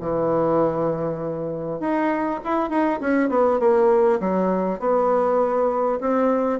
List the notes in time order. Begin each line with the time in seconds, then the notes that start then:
0.00 E3
1.80 D#4
2.44 E4
2.69 D#4
3.00 C#4
3.29 B3
3.59 A#3
4.20 F#3
4.79 B3
6.00 C4